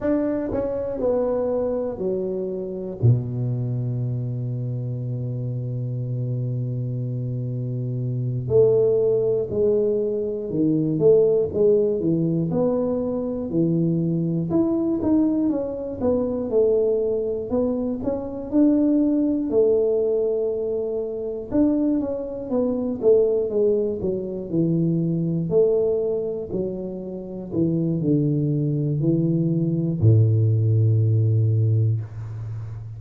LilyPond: \new Staff \with { instrumentName = "tuba" } { \time 4/4 \tempo 4 = 60 d'8 cis'8 b4 fis4 b,4~ | b,1~ | b,8 a4 gis4 dis8 a8 gis8 | e8 b4 e4 e'8 dis'8 cis'8 |
b8 a4 b8 cis'8 d'4 a8~ | a4. d'8 cis'8 b8 a8 gis8 | fis8 e4 a4 fis4 e8 | d4 e4 a,2 | }